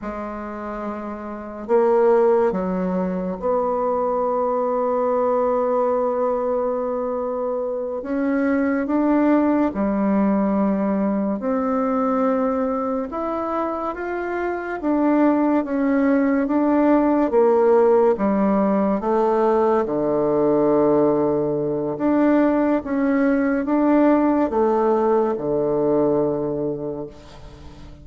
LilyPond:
\new Staff \with { instrumentName = "bassoon" } { \time 4/4 \tempo 4 = 71 gis2 ais4 fis4 | b1~ | b4. cis'4 d'4 g8~ | g4. c'2 e'8~ |
e'8 f'4 d'4 cis'4 d'8~ | d'8 ais4 g4 a4 d8~ | d2 d'4 cis'4 | d'4 a4 d2 | }